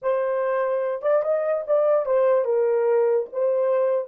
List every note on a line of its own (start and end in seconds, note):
0.01 1.02 C5
1.02 1.22 D5
1.23 1.64 D#5
1.66 2.05 D5
2.05 2.44 C5
2.44 3.27 A#4
3.32 4.08 C5